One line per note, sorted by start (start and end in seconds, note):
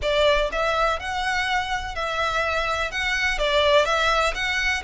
0.02 0.50 D5
0.51 0.99 E5
0.99 1.95 F#5
1.95 2.91 E5
2.91 3.38 F#5
3.38 3.85 D5
3.85 4.33 E5
4.34 4.82 F#5